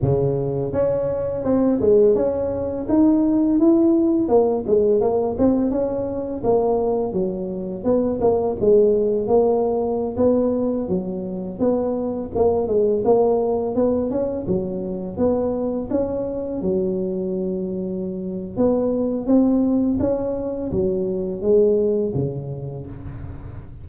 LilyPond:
\new Staff \with { instrumentName = "tuba" } { \time 4/4 \tempo 4 = 84 cis4 cis'4 c'8 gis8 cis'4 | dis'4 e'4 ais8 gis8 ais8 c'8 | cis'4 ais4 fis4 b8 ais8 | gis4 ais4~ ais16 b4 fis8.~ |
fis16 b4 ais8 gis8 ais4 b8 cis'16~ | cis'16 fis4 b4 cis'4 fis8.~ | fis2 b4 c'4 | cis'4 fis4 gis4 cis4 | }